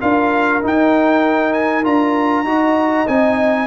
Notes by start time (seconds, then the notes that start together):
0.00 D4 F4 A#4 F5
0.61 D#4 G5
1.53 G#5
1.84 D4 F4 A#5
2.44 D#4 F#4 D#5
3.08 C4 D#4 G#5